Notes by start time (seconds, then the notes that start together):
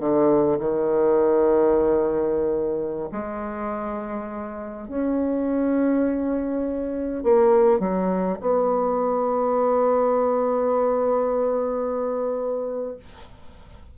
0.00 D3
0.59 D#3
3.12 G#3
4.88 C#4
7.24 A#3
7.80 F#3
8.41 B3